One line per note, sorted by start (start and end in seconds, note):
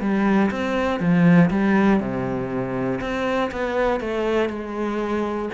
0.00 0.50 G3
0.50 1.00 C4
1.00 1.50 F3
1.50 2.00 G3
2.00 3.00 C3
3.00 3.50 C4
3.51 4.00 B3
4.00 4.49 A3
4.49 5.49 G#3